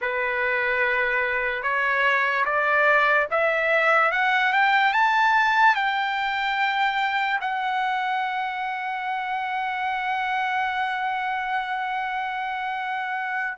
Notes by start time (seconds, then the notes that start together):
0.01 B4
1.62 C#5
2.45 D5
3.30 E5
4.11 F#5
4.52 G5
4.93 A5
5.75 G5
7.40 F#5